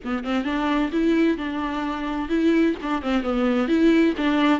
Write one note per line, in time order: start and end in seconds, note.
0.04 0.24 B3
0.24 0.44 C4
0.44 0.90 D4
0.91 1.37 E4
1.37 2.28 D4
2.28 2.75 E4
2.82 3.02 D4
3.02 3.22 C4
3.22 3.68 B3
3.68 4.14 E4
4.17 4.60 D4